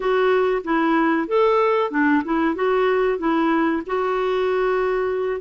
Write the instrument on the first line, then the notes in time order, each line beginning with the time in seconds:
clarinet
0.00 F#4
0.64 E4
1.27 A4
1.90 D4
2.24 E4
2.55 F#4
3.18 E4
3.86 F#4